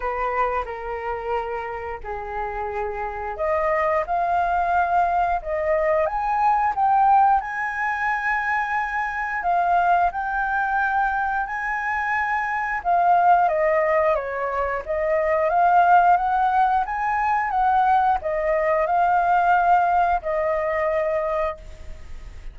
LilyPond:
\new Staff \with { instrumentName = "flute" } { \time 4/4 \tempo 4 = 89 b'4 ais'2 gis'4~ | gis'4 dis''4 f''2 | dis''4 gis''4 g''4 gis''4~ | gis''2 f''4 g''4~ |
g''4 gis''2 f''4 | dis''4 cis''4 dis''4 f''4 | fis''4 gis''4 fis''4 dis''4 | f''2 dis''2 | }